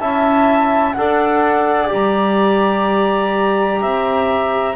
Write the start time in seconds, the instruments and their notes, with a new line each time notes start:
0.00 double bass C#4, trombone E4, clarinet E5, flute A5
0.93 double bass D4, trombone A4, clarinet D5, flute F#5
1.88 double bass G3, trombone G4, flute A#5
3.81 double bass C4, clarinet E5